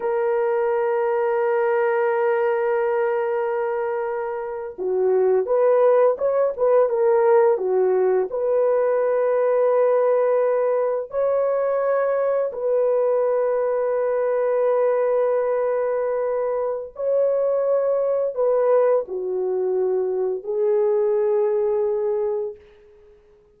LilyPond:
\new Staff \with { instrumentName = "horn" } { \time 4/4 \tempo 4 = 85 ais'1~ | ais'2~ ais'8. fis'4 b'16~ | b'8. cis''8 b'8 ais'4 fis'4 b'16~ | b'2.~ b'8. cis''16~ |
cis''4.~ cis''16 b'2~ b'16~ | b'1 | cis''2 b'4 fis'4~ | fis'4 gis'2. | }